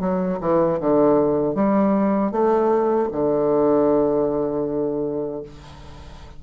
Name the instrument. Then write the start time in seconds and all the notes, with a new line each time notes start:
bassoon
0.00 F#3
0.41 E3
0.80 D3
1.55 G3
2.32 A3
3.12 D3